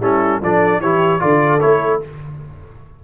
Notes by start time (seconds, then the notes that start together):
0.00 G3 C#4 E4 A4
0.41 F3 D4 A4 D5
0.80 E3 E4 G4 C#5
1.20 D3 F4 A4 D5
1.60 A3 E4 C#5